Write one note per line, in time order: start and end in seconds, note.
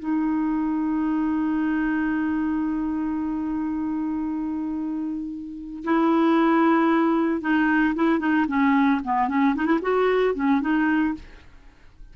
0.00 5.84 D#4
5.85 7.42 E4
7.42 7.95 D#4
7.95 8.20 E4
8.20 8.46 D#4
8.48 9.01 C#4
9.05 9.29 B3
9.29 9.56 C#4
9.56 9.66 D#4
9.66 9.80 E4
9.82 10.35 F#4
10.35 10.62 C#4
10.62 11.15 D#4